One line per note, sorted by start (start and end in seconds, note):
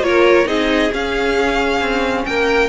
0.00 0.44 A#3
0.00 0.46 F4
0.00 0.48 A#4
0.00 0.48 C#5
0.46 0.91 C4
0.46 0.90 D#4
0.46 2.25 G#4
0.46 0.92 D#5
0.93 2.69 C#4
0.93 1.81 C#4
0.93 2.26 F5
1.81 2.25 C4
2.26 2.69 A#3
2.26 2.69 A#4
2.26 2.69 G5